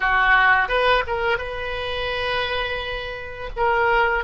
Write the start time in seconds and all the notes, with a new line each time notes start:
0.00 F#4
0.68 B4
1.07 A#4
1.38 B4
3.56 A#4